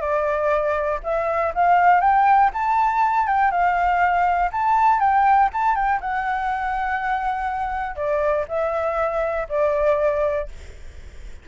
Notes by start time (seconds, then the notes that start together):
0.00 D5
1.03 E5
1.54 F5
2.00 G5
2.53 A5
3.27 G5
3.50 F5
4.51 A5
5.00 G5
5.52 A5
5.75 G5
6.00 F#5
7.96 D5
8.48 E5
9.49 D5